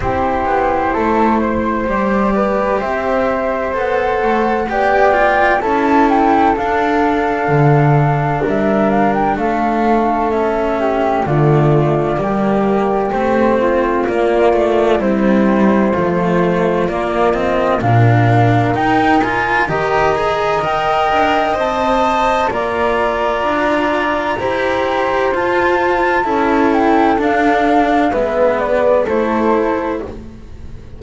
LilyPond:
<<
  \new Staff \with { instrumentName = "flute" } { \time 4/4 \tempo 4 = 64 c''2 d''4 e''4 | fis''4 g''4 a''8 g''8 f''4~ | f''4 e''8 f''16 g''16 f''4 e''4 | d''2 c''4 d''4 |
c''2 d''8 dis''8 f''4 | g''8 gis''8 ais''4 g''4 a''4 | ais''2. a''4~ | a''8 g''8 f''4 e''8 d''8 c''4 | }
  \new Staff \with { instrumentName = "flute" } { \time 4/4 g'4 a'8 c''4 b'8 c''4~ | c''4 d''4 a'2~ | a'4 ais'4 a'4. g'8 | f'4 g'4. f'4. |
e'4 f'2 ais'4~ | ais'4 dis''2. | d''2 c''2 | a'2 b'4 a'4 | }
  \new Staff \with { instrumentName = "cello" } { \time 4/4 e'2 g'2 | a'4 g'8 f'8 e'4 d'4~ | d'2. cis'4 | a4 ais4 c'4 ais8 a8 |
g4 a4 ais8 c'8 d'4 | dis'8 f'8 g'8 gis'8 ais'4 c''4 | f'2 g'4 f'4 | e'4 d'4 b4 e'4 | }
  \new Staff \with { instrumentName = "double bass" } { \time 4/4 c'8 b8 a4 g4 c'4 | b8 a8 b4 cis'4 d'4 | d4 g4 a2 | d4 g4 a4 ais4 |
c'4 f4 ais4 ais,4 | dis'4 dis4 dis'8 d'8 c'4 | ais4 d'4 e'4 f'4 | cis'4 d'4 gis4 a4 | }
>>